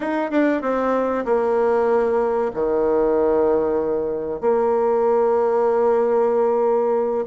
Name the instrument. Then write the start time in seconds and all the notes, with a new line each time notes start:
bassoon
0.00 D#4
0.30 D4
0.61 C4
1.25 A#3
2.53 D#3
4.40 A#3